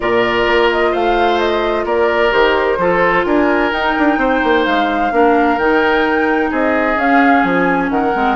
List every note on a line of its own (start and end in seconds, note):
0.00 0.46 A#2
0.00 2.31 F4
0.00 0.91 A#4
0.00 0.69 D5
0.46 0.93 A#3
0.71 0.93 D#5
0.91 1.84 A3
0.91 1.84 C5
0.91 1.39 F5
1.39 1.85 D#5
1.84 2.31 A#3
1.84 2.78 A#4
1.84 2.32 D5
2.31 2.77 D#3
2.31 2.77 G4
2.31 3.25 C5
2.77 3.24 F3
2.77 3.72 F4
2.77 3.25 A4
3.25 3.71 D4
3.25 4.18 A#4
3.25 3.72 G#5
3.71 3.95 D#4
3.71 5.11 D#4
3.71 4.65 G5
3.98 4.17 D4
4.17 4.40 C4
4.17 5.12 C5
4.43 4.66 A#3
4.65 5.11 G#3
4.65 5.58 F5
5.11 5.57 A#3
5.11 5.58 D4
5.11 6.50 A#4
5.57 6.50 D#3
5.57 6.97 D#4
5.57 6.51 G5
6.50 6.96 C4
6.50 7.89 G#4
6.50 6.99 D#5
6.96 7.42 C#4
6.96 8.13 C#4
6.96 7.43 F5
7.43 7.90 F3
7.43 7.90 G#5
7.90 8.13 D#3
7.90 8.36 A#4
7.90 8.36 F#5
8.13 8.36 G#3
8.13 8.36 C4